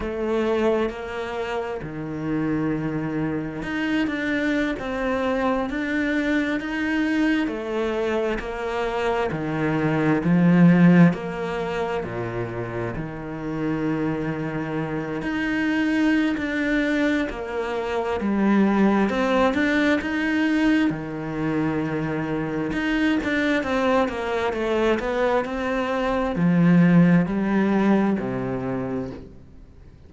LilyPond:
\new Staff \with { instrumentName = "cello" } { \time 4/4 \tempo 4 = 66 a4 ais4 dis2 | dis'8 d'8. c'4 d'4 dis'8.~ | dis'16 a4 ais4 dis4 f8.~ | f16 ais4 ais,4 dis4.~ dis16~ |
dis8. dis'4~ dis'16 d'4 ais4 | g4 c'8 d'8 dis'4 dis4~ | dis4 dis'8 d'8 c'8 ais8 a8 b8 | c'4 f4 g4 c4 | }